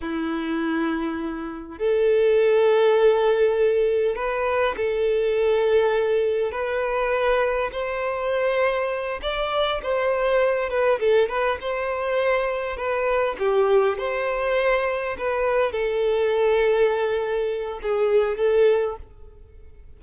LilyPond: \new Staff \with { instrumentName = "violin" } { \time 4/4 \tempo 4 = 101 e'2. a'4~ | a'2. b'4 | a'2. b'4~ | b'4 c''2~ c''8 d''8~ |
d''8 c''4. b'8 a'8 b'8 c''8~ | c''4. b'4 g'4 c''8~ | c''4. b'4 a'4.~ | a'2 gis'4 a'4 | }